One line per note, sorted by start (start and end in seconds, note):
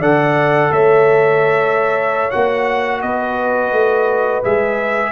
0.00 0.71 D3
0.00 2.31 A4
0.00 0.71 D5
0.00 0.72 F#5
0.71 2.30 A3
0.71 3.02 C#5
0.71 2.31 E5
2.31 3.03 A#3
2.31 4.44 F#4
2.31 3.01 F#5
3.02 3.72 B3
3.02 5.12 B4
3.02 4.43 D#5
3.72 4.43 A3
4.44 5.12 G#3
4.44 5.12 G#4
4.44 5.12 E5